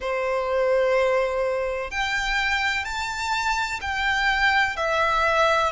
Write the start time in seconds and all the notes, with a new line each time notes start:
0.00 C5
1.90 G5
2.84 A5
3.81 G5
4.76 E5